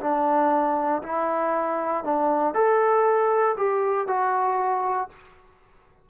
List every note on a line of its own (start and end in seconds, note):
0.00 1.02 D4
1.03 2.04 E4
2.04 2.54 D4
2.54 3.55 A4
3.57 4.07 G4
4.07 5.09 F#4